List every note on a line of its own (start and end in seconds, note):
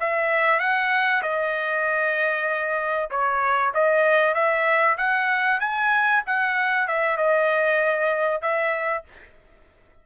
0.00 0.59 E5
0.59 1.22 F#5
1.22 3.10 D#5
3.10 3.73 C#5
3.74 4.34 D#5
4.34 4.97 E5
4.98 5.60 F#5
5.60 6.22 G#5
6.26 6.88 F#5
6.88 7.17 E5
7.17 8.41 D#5
8.41 9.04 E5